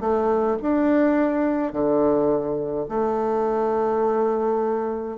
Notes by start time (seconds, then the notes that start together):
0.00 A3
0.62 D4
1.72 D3
2.88 A3